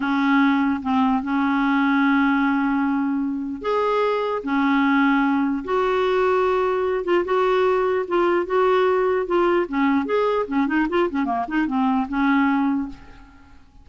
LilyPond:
\new Staff \with { instrumentName = "clarinet" } { \time 4/4 \tempo 4 = 149 cis'2 c'4 cis'4~ | cis'1~ | cis'4 gis'2 cis'4~ | cis'2 fis'2~ |
fis'4. f'8 fis'2 | f'4 fis'2 f'4 | cis'4 gis'4 cis'8 dis'8 f'8 cis'8 | ais8 dis'8 c'4 cis'2 | }